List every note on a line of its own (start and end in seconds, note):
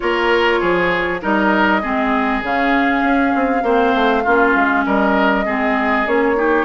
0.00 0.62 A#3
0.00 1.20 F4
0.00 0.60 A#4
0.00 1.20 C#5
0.60 1.22 F3
0.60 1.20 G#4
1.21 1.83 G3
1.21 1.81 D#4
1.21 1.81 A#4
1.21 2.44 D#5
1.81 2.41 G#3
1.81 2.42 C4
1.81 3.63 G#4
2.41 3.02 C#3
2.41 3.63 C#4
2.41 4.86 F5
3.02 3.32 C#4
3.35 3.62 C4
3.62 3.93 A#3
3.62 4.24 C4
3.62 4.23 C5
3.94 4.25 A3
4.23 4.55 A#3
4.23 5.45 C#4
4.23 4.84 F4
4.55 4.85 G#3
4.85 5.46 G3
4.85 5.45 A#4
4.85 6.07 D#5
5.45 6.06 G#3
5.45 6.05 C4
5.45 6.36 G#4
6.05 6.65 A#3
6.05 6.36 C#4
6.05 6.65 C#5
6.36 6.65 D#4
6.36 6.65 G4